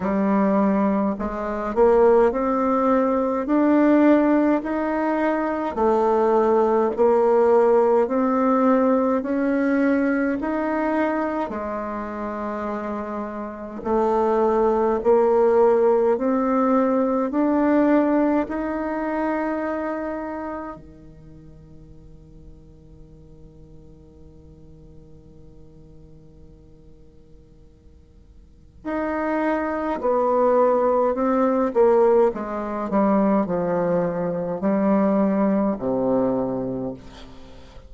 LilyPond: \new Staff \with { instrumentName = "bassoon" } { \time 4/4 \tempo 4 = 52 g4 gis8 ais8 c'4 d'4 | dis'4 a4 ais4 c'4 | cis'4 dis'4 gis2 | a4 ais4 c'4 d'4 |
dis'2 dis2~ | dis1~ | dis4 dis'4 b4 c'8 ais8 | gis8 g8 f4 g4 c4 | }